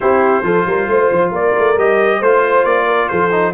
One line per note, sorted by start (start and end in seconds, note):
0.00 0.42 C4
0.00 0.43 E4
0.00 0.44 G4
0.00 1.32 C5
0.42 0.64 F3
0.42 1.76 F4
0.42 0.66 A4
0.66 0.87 G3
0.66 0.89 A#4
0.87 1.09 A3
0.87 1.31 C5
1.11 1.30 F3
1.30 1.52 A#3
1.30 2.18 A#4
1.30 1.78 D5
1.57 1.77 A3
1.77 2.21 G3
1.77 2.22 G4
1.77 2.22 D#5
2.18 2.65 A3
2.18 3.31 F4
2.18 2.84 C5
2.18 2.65 C5
2.65 3.09 A#3
2.65 3.08 D5
2.86 3.08 A#4
3.08 3.53 F3
3.08 3.53 A4
3.08 3.52 C5
3.31 3.53 D#4